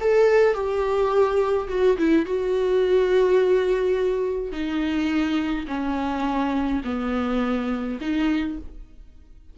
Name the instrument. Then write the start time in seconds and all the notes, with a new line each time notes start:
viola
0.00 A4
0.54 G4
1.68 F#4
1.97 E4
2.25 F#4
4.51 D#4
5.67 C#4
6.84 B3
8.00 D#4